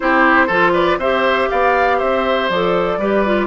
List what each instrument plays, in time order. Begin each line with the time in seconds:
0.00 bassoon C4, clarinet E4, oboe G4, flute C5
0.46 bassoon F3, clarinet F4, oboe A4
0.73 oboe B4, flute D5
0.97 bassoon C4, clarinet G4, oboe C5, flute E5
1.49 bassoon B3, oboe D5, flute F5
1.98 bassoon C4, oboe C5, flute E5
2.49 bassoon F3, clarinet A4, flute D5
2.97 bassoon G3, clarinet G4, oboe B4
3.25 clarinet F4